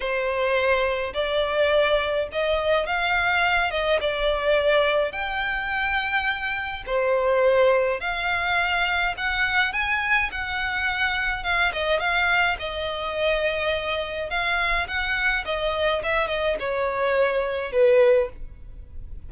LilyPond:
\new Staff \with { instrumentName = "violin" } { \time 4/4 \tempo 4 = 105 c''2 d''2 | dis''4 f''4. dis''8 d''4~ | d''4 g''2. | c''2 f''2 |
fis''4 gis''4 fis''2 | f''8 dis''8 f''4 dis''2~ | dis''4 f''4 fis''4 dis''4 | e''8 dis''8 cis''2 b'4 | }